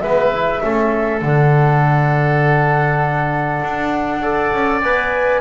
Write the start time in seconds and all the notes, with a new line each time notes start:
0.00 G#3 B3 B4 E5
0.33 E4
0.62 A3 C#4 A4
1.21 D3 D4 F#5
3.62 D4
4.21 A4 D5
4.52 C#4
4.81 B3 B4 G#5